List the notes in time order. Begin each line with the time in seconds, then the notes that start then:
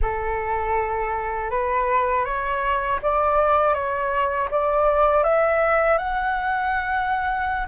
0.01 A4
1.50 B4
2.24 C#5
3.02 D5
3.74 C#5
4.50 D5
5.23 E5
5.98 F#5